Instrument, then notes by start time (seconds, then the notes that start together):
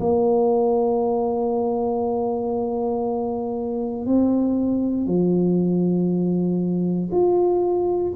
tuba
0.00 A#3
4.06 C4
5.07 F3
7.12 F4